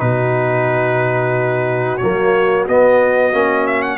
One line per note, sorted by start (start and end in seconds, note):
0.00 2.01 B2
0.00 2.00 D#4
0.00 3.98 F#4
0.00 1.98 B4
1.98 2.68 F#3
1.98 2.68 A#3
1.98 2.64 C#5
2.68 3.33 B3
2.68 3.67 D#5
3.33 3.98 A#3
3.33 3.98 C#4
3.67 3.82 E5
3.82 3.98 F#5